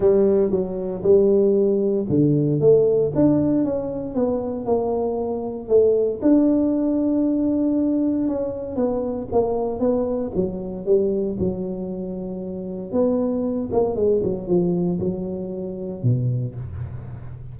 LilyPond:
\new Staff \with { instrumentName = "tuba" } { \time 4/4 \tempo 4 = 116 g4 fis4 g2 | d4 a4 d'4 cis'4 | b4 ais2 a4 | d'1 |
cis'4 b4 ais4 b4 | fis4 g4 fis2~ | fis4 b4. ais8 gis8 fis8 | f4 fis2 b,4 | }